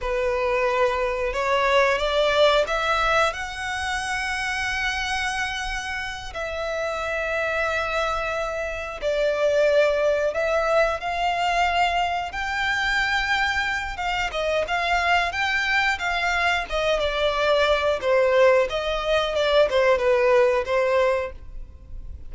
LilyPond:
\new Staff \with { instrumentName = "violin" } { \time 4/4 \tempo 4 = 90 b'2 cis''4 d''4 | e''4 fis''2.~ | fis''4. e''2~ e''8~ | e''4. d''2 e''8~ |
e''8 f''2 g''4.~ | g''4 f''8 dis''8 f''4 g''4 | f''4 dis''8 d''4. c''4 | dis''4 d''8 c''8 b'4 c''4 | }